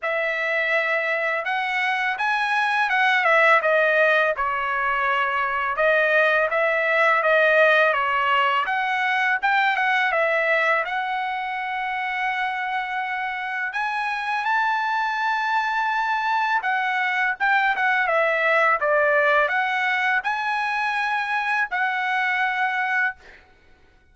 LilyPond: \new Staff \with { instrumentName = "trumpet" } { \time 4/4 \tempo 4 = 83 e''2 fis''4 gis''4 | fis''8 e''8 dis''4 cis''2 | dis''4 e''4 dis''4 cis''4 | fis''4 g''8 fis''8 e''4 fis''4~ |
fis''2. gis''4 | a''2. fis''4 | g''8 fis''8 e''4 d''4 fis''4 | gis''2 fis''2 | }